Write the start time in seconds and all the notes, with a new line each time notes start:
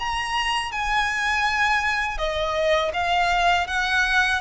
0.00 A#5
0.72 G#5
2.18 D#5
2.94 F5
3.67 F#5